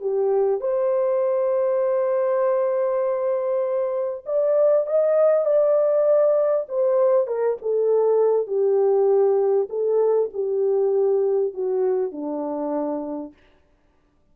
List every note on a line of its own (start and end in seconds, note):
0.00 0.60 G4
0.60 4.24 C5
4.25 4.86 D5
4.86 5.45 D#5
5.45 6.66 D5
6.68 7.26 C5
7.26 7.57 A#4
7.61 8.47 A4
8.47 9.68 G4
9.69 10.29 A4
10.33 11.54 G4
11.54 12.12 F#4
12.12 13.33 D4